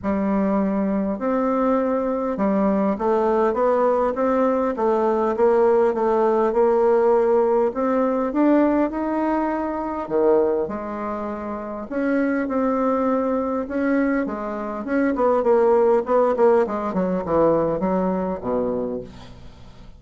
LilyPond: \new Staff \with { instrumentName = "bassoon" } { \time 4/4 \tempo 4 = 101 g2 c'2 | g4 a4 b4 c'4 | a4 ais4 a4 ais4~ | ais4 c'4 d'4 dis'4~ |
dis'4 dis4 gis2 | cis'4 c'2 cis'4 | gis4 cis'8 b8 ais4 b8 ais8 | gis8 fis8 e4 fis4 b,4 | }